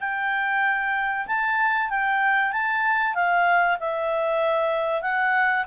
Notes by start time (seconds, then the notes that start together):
0.00 G5
1.27 A5
1.90 G5
2.52 A5
3.14 F5
3.80 E5
5.02 F#5